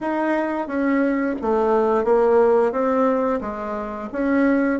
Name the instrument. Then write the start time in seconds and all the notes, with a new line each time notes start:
bassoon
0.01 D#4
0.67 C#4
1.41 A3
2.04 A#3
2.71 C4
3.41 G#3
4.12 C#4